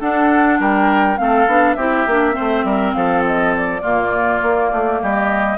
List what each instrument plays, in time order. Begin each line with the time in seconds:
0.00 bassoon D4, clarinet D4, oboe A4, flute F#5
0.60 bassoon G3, oboe A#4, flute G5
1.17 bassoon A3, clarinet C4, oboe A4, flute F5
1.47 bassoon B3, clarinet D4
1.74 bassoon C4, clarinet E4, oboe G4, flute E5
2.06 bassoon A#3, clarinet D4
2.32 clarinet C4, oboe C5
2.39 bassoon A3
2.64 bassoon G3, oboe A#4
2.93 bassoon F3, oboe A4, flute F5
3.26 flute D#5
3.56 flute D5
3.81 bassoon A#2, clarinet A#3, oboe F4
4.42 bassoon A#3
4.72 bassoon A3
5.02 bassoon G3, oboe G4, flute D#5